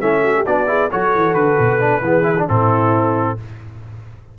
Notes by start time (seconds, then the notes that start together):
0.00 A3 C#4 E4 E5
0.25 F#4
0.37 G4
0.46 B3 D4 F#4 D5
0.68 E4 G#4
0.92 F#3 F#4 A4 C#5
1.16 E3
1.35 D3 B4
1.60 B2
1.80 D4
2.02 E3 B3 G#4
2.24 E4
2.39 D4
2.48 A2 C4 E4 A4